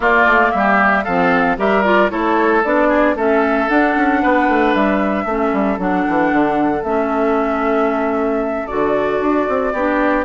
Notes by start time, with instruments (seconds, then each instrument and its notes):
0.00 bassoon A#3, clarinet A#3, oboe F4, flute D5
0.25 bassoon A3
0.51 bassoon G3, flute E5
0.57 oboe G4
1.04 bassoon F3, clarinet C4, oboe A4, flute F5
1.57 bassoon G3, clarinet G4, oboe A#4, flute E5
1.83 clarinet F4, flute D5
2.09 bassoon A3, clarinet E4, oboe A4, flute C#5
2.63 bassoon B3, clarinet D4, flute D5
2.88 oboe G#4
3.15 bassoon A3, clarinet C#4, oboe A4, flute E5
3.68 clarinet D4, bassoon D4, flute F#5
3.96 bassoon C#4
4.21 bassoon B3, oboe B4
4.48 bassoon A3
4.73 bassoon G3, flute E5
5.25 bassoon A3, clarinet C#4, oboe A4
5.52 bassoon G3
5.78 bassoon F#3, clarinet D4, flute F#5
6.09 bassoon E3
6.31 bassoon D3
6.83 bassoon A3, clarinet C#4, flute E5
8.66 bassoon D3, clarinet F#4, flute D5
9.20 bassoon D4
9.48 bassoon C4
9.72 bassoon B3, clarinet D4, oboe G4